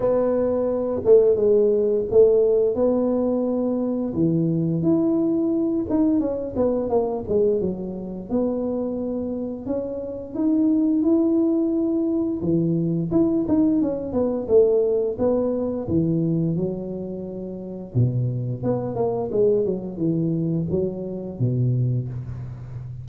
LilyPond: \new Staff \with { instrumentName = "tuba" } { \time 4/4 \tempo 4 = 87 b4. a8 gis4 a4 | b2 e4 e'4~ | e'8 dis'8 cis'8 b8 ais8 gis8 fis4 | b2 cis'4 dis'4 |
e'2 e4 e'8 dis'8 | cis'8 b8 a4 b4 e4 | fis2 b,4 b8 ais8 | gis8 fis8 e4 fis4 b,4 | }